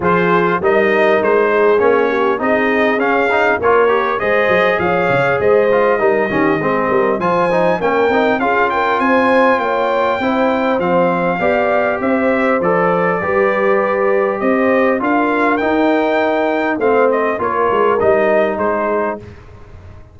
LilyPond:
<<
  \new Staff \with { instrumentName = "trumpet" } { \time 4/4 \tempo 4 = 100 c''4 dis''4 c''4 cis''4 | dis''4 f''4 cis''4 dis''4 | f''4 dis''2. | gis''4 g''4 f''8 g''8 gis''4 |
g''2 f''2 | e''4 d''2. | dis''4 f''4 g''2 | f''8 dis''8 cis''4 dis''4 c''4 | }
  \new Staff \with { instrumentName = "horn" } { \time 4/4 gis'4 ais'4. gis'4 g'8 | gis'2 ais'4 c''4 | cis''4 c''4 ais'8 g'8 gis'8 ais'8 | c''4 ais'4 gis'8 ais'8 c''4 |
cis''4 c''2 d''4 | c''2 b'2 | c''4 ais'2. | c''4 ais'2 gis'4 | }
  \new Staff \with { instrumentName = "trombone" } { \time 4/4 f'4 dis'2 cis'4 | dis'4 cis'8 dis'8 f'8 g'8 gis'4~ | gis'4. f'8 dis'8 cis'8 c'4 | f'8 dis'8 cis'8 dis'8 f'2~ |
f'4 e'4 c'4 g'4~ | g'4 a'4 g'2~ | g'4 f'4 dis'2 | c'4 f'4 dis'2 | }
  \new Staff \with { instrumentName = "tuba" } { \time 4/4 f4 g4 gis4 ais4 | c'4 cis'4 ais4 gis8 fis8 | f8 cis8 gis4 g8 dis8 gis8 g8 | f4 ais8 c'8 cis'4 c'4 |
ais4 c'4 f4 b4 | c'4 f4 g2 | c'4 d'4 dis'2 | a4 ais8 gis8 g4 gis4 | }
>>